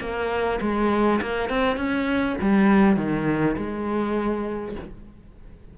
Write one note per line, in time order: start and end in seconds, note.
0.00 0.59 A#3
0.61 1.20 G#3
1.21 1.49 A#3
1.49 1.77 C4
1.77 2.36 C#4
2.41 2.96 G3
2.96 3.56 D#3
3.57 4.76 G#3